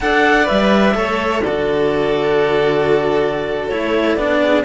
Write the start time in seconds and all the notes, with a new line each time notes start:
0.00 D4 A4 D5 F#5
0.44 G3 B4 E5
0.93 A3 A4 C#5
1.43 D3 F#4 A4 D5
3.68 A3 E4 C#5
4.15 B3 D4 D5
4.40 G#4